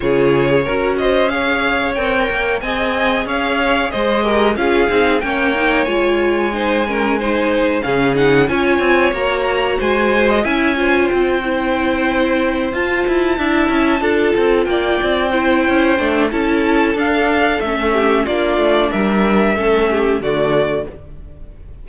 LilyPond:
<<
  \new Staff \with { instrumentName = "violin" } { \time 4/4 \tempo 4 = 92 cis''4. dis''8 f''4 g''4 | gis''4 f''4 dis''4 f''4 | g''4 gis''2. | f''8 fis''8 gis''4 ais''4 gis''8. dis''16 |
gis''4 g''2~ g''8 a''8~ | a''2~ a''8 g''4.~ | g''4 a''4 f''4 e''4 | d''4 e''2 d''4 | }
  \new Staff \with { instrumentName = "violin" } { \time 4/4 gis'4 ais'8 c''8 cis''2 | dis''4 cis''4 c''8 ais'8 gis'4 | cis''2 c''8 ais'8 c''4 | gis'4 cis''2 c''4 |
e''8 c''2.~ c''8~ | c''8 e''4 a'4 d''4 c''8~ | c''4 a'2~ a'8 g'8 | f'4 ais'4 a'8 g'8 fis'4 | }
  \new Staff \with { instrumentName = "viola" } { \time 4/4 f'4 fis'4 gis'4 ais'4 | gis'2~ gis'8 g'8 f'8 dis'8 | cis'8 dis'8 f'4 dis'8 cis'8 dis'4 | cis'8 dis'8 f'4 fis'2 |
e'8 f'4 e'2 f'8~ | f'8 e'4 f'2 e'8~ | e'8 d'8 e'4 d'4 cis'4 | d'2 cis'4 a4 | }
  \new Staff \with { instrumentName = "cello" } { \time 4/4 cis4 cis'2 c'8 ais8 | c'4 cis'4 gis4 cis'8 c'8 | ais4 gis2. | cis4 cis'8 c'8 ais4 gis4 |
cis'4 c'2~ c'8 f'8 | e'8 d'8 cis'8 d'8 c'8 ais8 c'4 | cis'8 a8 cis'4 d'4 a4 | ais8 a8 g4 a4 d4 | }
>>